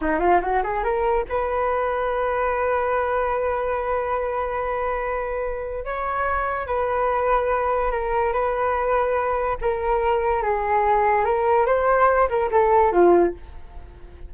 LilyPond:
\new Staff \with { instrumentName = "flute" } { \time 4/4 \tempo 4 = 144 dis'8 f'8 fis'8 gis'8 ais'4 b'4~ | b'1~ | b'1~ | b'2 cis''2 |
b'2. ais'4 | b'2. ais'4~ | ais'4 gis'2 ais'4 | c''4. ais'8 a'4 f'4 | }